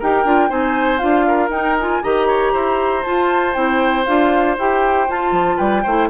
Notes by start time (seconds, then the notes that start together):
0.00 D#4 G4 A#4 G5
0.25 D4 F4
0.49 C4 D#4 C5 G#5
0.98 D4 F4 F5
1.28 A#4
1.49 D#4 G5
1.80 F4 G#5
2.03 D#3 G4 D#5 A#5
2.28 C#5
2.53 E4 C5
3.04 F4 A5
3.54 C4 E4 G5
4.06 D4 F4 F5
4.58 E4 G4 G5
5.08 F4 A5
5.32 F3
5.57 G3 B4 G5
5.83 A3 E4 C5